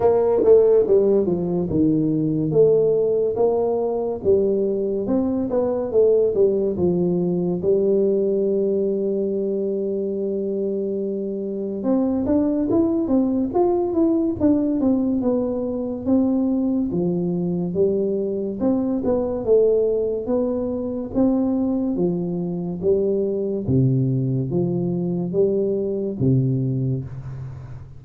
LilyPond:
\new Staff \with { instrumentName = "tuba" } { \time 4/4 \tempo 4 = 71 ais8 a8 g8 f8 dis4 a4 | ais4 g4 c'8 b8 a8 g8 | f4 g2.~ | g2 c'8 d'8 e'8 c'8 |
f'8 e'8 d'8 c'8 b4 c'4 | f4 g4 c'8 b8 a4 | b4 c'4 f4 g4 | c4 f4 g4 c4 | }